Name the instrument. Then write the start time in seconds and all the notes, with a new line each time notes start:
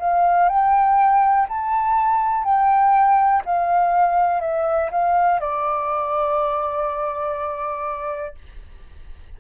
flute
0.00 F5
0.49 G5
1.49 A5
2.44 G5
3.45 F5
4.41 E5
4.91 F5
5.40 D5